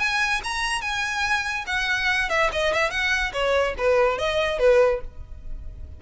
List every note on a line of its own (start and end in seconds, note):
0.00 0.42 G#5
0.44 0.82 A#5
0.82 1.65 G#5
1.67 2.30 F#5
2.30 2.51 E5
2.53 2.74 D#5
2.74 2.91 E5
2.91 3.33 F#5
3.33 3.75 C#5
3.78 4.19 B4
4.19 4.59 D#5
4.59 5.01 B4